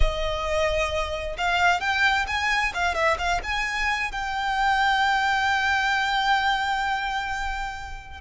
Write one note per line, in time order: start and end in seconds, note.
0.00 1.36 D#5
1.37 1.80 F5
1.80 2.26 G5
2.27 2.73 G#5
2.74 2.94 F5
2.94 3.17 E5
3.18 3.40 F5
3.43 4.11 G#5
4.11 8.20 G5